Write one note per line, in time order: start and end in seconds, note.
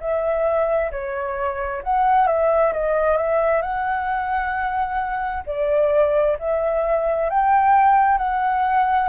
0.00 0.91 E5
0.91 1.82 C#5
1.83 2.27 F#5
2.27 2.73 E5
2.73 3.17 D#5
3.17 3.62 E5
3.62 5.43 F#5
5.46 6.37 D5
6.39 7.30 E5
7.30 8.18 G5
8.18 9.09 F#5